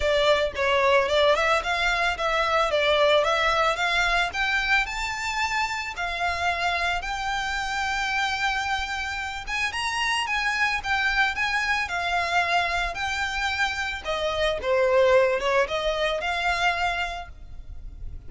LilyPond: \new Staff \with { instrumentName = "violin" } { \time 4/4 \tempo 4 = 111 d''4 cis''4 d''8 e''8 f''4 | e''4 d''4 e''4 f''4 | g''4 a''2 f''4~ | f''4 g''2.~ |
g''4. gis''8 ais''4 gis''4 | g''4 gis''4 f''2 | g''2 dis''4 c''4~ | c''8 cis''8 dis''4 f''2 | }